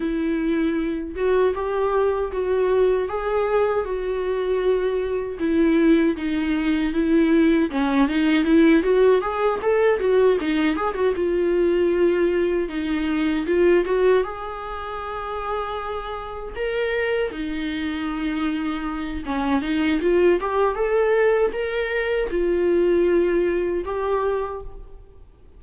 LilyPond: \new Staff \with { instrumentName = "viola" } { \time 4/4 \tempo 4 = 78 e'4. fis'8 g'4 fis'4 | gis'4 fis'2 e'4 | dis'4 e'4 cis'8 dis'8 e'8 fis'8 | gis'8 a'8 fis'8 dis'8 gis'16 fis'16 f'4.~ |
f'8 dis'4 f'8 fis'8 gis'4.~ | gis'4. ais'4 dis'4.~ | dis'4 cis'8 dis'8 f'8 g'8 a'4 | ais'4 f'2 g'4 | }